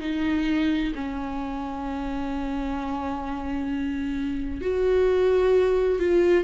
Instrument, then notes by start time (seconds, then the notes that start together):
viola
0.00 D#4
0.94 C#4
4.61 F#4
5.99 F4